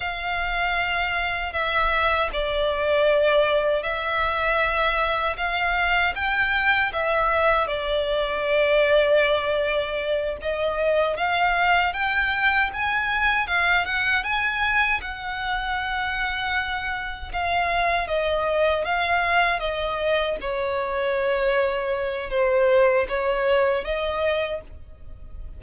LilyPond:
\new Staff \with { instrumentName = "violin" } { \time 4/4 \tempo 4 = 78 f''2 e''4 d''4~ | d''4 e''2 f''4 | g''4 e''4 d''2~ | d''4. dis''4 f''4 g''8~ |
g''8 gis''4 f''8 fis''8 gis''4 fis''8~ | fis''2~ fis''8 f''4 dis''8~ | dis''8 f''4 dis''4 cis''4.~ | cis''4 c''4 cis''4 dis''4 | }